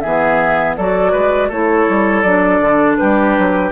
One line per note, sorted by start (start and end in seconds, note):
0.00 0.77 E3
0.00 0.79 B3
0.00 0.76 G#4
0.00 0.74 E5
0.76 1.13 F#3
0.76 1.51 F#4
0.76 1.11 A4
0.76 1.50 D5
1.11 1.49 G#3
1.11 1.48 B4
1.48 1.86 A3
1.48 2.25 E4
1.48 2.96 A4
1.48 2.22 C#5
1.88 2.23 G3
2.22 2.60 F#3
2.22 3.71 D4
2.22 2.96 D5
2.60 2.97 D3
2.97 3.38 G3
2.97 3.71 G4
2.97 3.71 B4
3.38 3.71 F#3